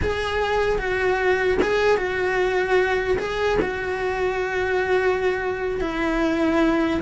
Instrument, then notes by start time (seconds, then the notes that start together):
cello
0.02 G#4
0.78 F#4
1.62 G#4
1.97 F#4
3.18 G#4
3.61 F#4
5.80 E4